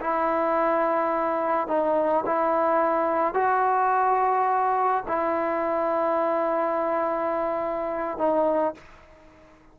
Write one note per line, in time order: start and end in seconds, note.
0.00 1.67 E4
1.67 2.24 D#4
2.26 3.34 E4
3.34 5.04 F#4
5.07 8.18 E4
8.18 8.74 D#4